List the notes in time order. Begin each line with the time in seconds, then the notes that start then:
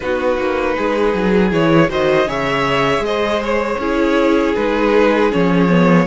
0.00 B3 D#4 F#4 B4
0.37 A#3
0.76 G#3 G#4
1.14 F#3
1.50 E3 E4 C#5
1.88 D#3 F#4 C5 D#5
2.26 C#3 G#4 C#5 E5
2.99 G#3 D#5
3.05 C5
3.43 C#5
3.78 C#4 E4 G#4
4.55 G#3 D#4 B4
5.31 F3 C#4 C#5
5.68 B3